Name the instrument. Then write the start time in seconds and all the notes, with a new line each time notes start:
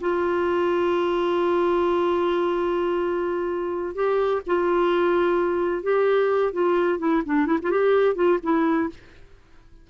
clarinet
0.00 F4
3.95 G4
4.46 F4
5.83 G4
6.52 F4
6.99 E4
7.25 D4
7.46 E4
7.62 F4
7.70 G4
8.15 F4
8.42 E4